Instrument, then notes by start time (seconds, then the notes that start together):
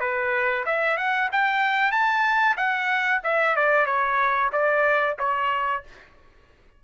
trumpet
0.00 B4
0.66 E5
0.97 F#5
1.32 G5
1.91 A5
2.57 F#5
3.24 E5
3.56 D5
3.86 C#5
4.52 D5
5.19 C#5